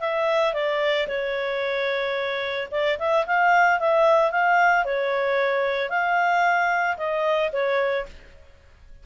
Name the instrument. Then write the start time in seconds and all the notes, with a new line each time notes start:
clarinet
0.00 E5
0.54 D5
1.08 C#5
2.71 D5
2.99 E5
3.27 F5
3.80 E5
4.31 F5
4.85 C#5
5.90 F5
6.97 D#5
7.53 C#5